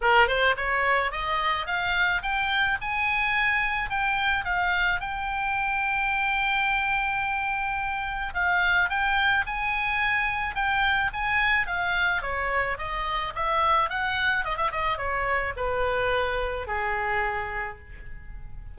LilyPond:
\new Staff \with { instrumentName = "oboe" } { \time 4/4 \tempo 4 = 108 ais'8 c''8 cis''4 dis''4 f''4 | g''4 gis''2 g''4 | f''4 g''2.~ | g''2. f''4 |
g''4 gis''2 g''4 | gis''4 f''4 cis''4 dis''4 | e''4 fis''4 dis''16 e''16 dis''8 cis''4 | b'2 gis'2 | }